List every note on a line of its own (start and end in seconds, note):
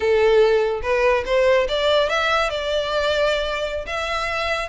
0.00 0.81 A4
0.82 1.24 B4
1.25 1.67 C5
1.68 2.09 D5
2.09 2.50 E5
2.50 3.85 D5
3.86 4.68 E5